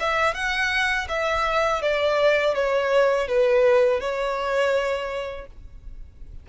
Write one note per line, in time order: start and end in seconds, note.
0.00 0.34 E5
0.34 1.07 F#5
1.09 1.82 E5
1.82 2.55 D5
2.55 3.28 C#5
3.28 4.00 B4
4.00 5.46 C#5